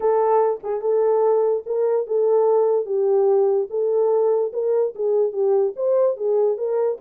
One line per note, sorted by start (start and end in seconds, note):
0.00 0.60 A4
0.63 0.81 G#4
0.81 1.63 A4
1.66 2.07 A#4
2.07 2.85 A4
2.85 3.67 G4
3.69 4.52 A4
4.52 4.93 A#4
4.95 5.32 G#4
5.32 5.73 G4
5.75 6.16 C5
6.16 6.57 G#4
6.57 6.98 A#4